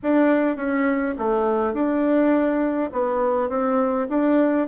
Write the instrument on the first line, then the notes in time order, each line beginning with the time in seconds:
bassoon
0.02 D4
0.56 C#4
1.18 A3
1.73 D4
2.92 B3
3.49 C4
4.09 D4